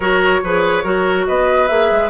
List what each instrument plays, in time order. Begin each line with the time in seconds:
0.00 bassoon F#3, clarinet F#4, oboe A#4, flute C#5
0.43 bassoon F3, clarinet G#4, oboe B4
0.83 bassoon F#3, clarinet F#4, oboe A#4
1.27 bassoon B3, oboe B4, flute D#5
1.67 bassoon A#3, clarinet G#4, flute E5
1.91 bassoon G#3